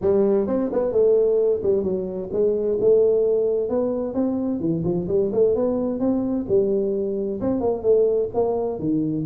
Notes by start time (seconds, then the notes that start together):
0.01 G3
0.47 C4
0.72 B3
0.91 A3
1.63 G3
1.83 F#3
2.32 G#3
2.80 A3
3.69 B3
4.14 C4
4.60 E3
4.84 F3
5.08 G3
5.32 A3
5.55 B3
5.99 C4
6.48 G3
7.40 C4
7.60 A#3
7.83 A3
8.33 A#3
8.79 D#3